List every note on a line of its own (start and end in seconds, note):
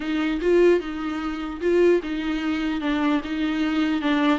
0.00 0.40 D#4
0.41 0.80 F4
0.80 1.60 D#4
1.61 2.01 F4
2.02 2.80 D#4
2.80 3.21 D4
3.24 4.01 D#4
4.01 4.38 D4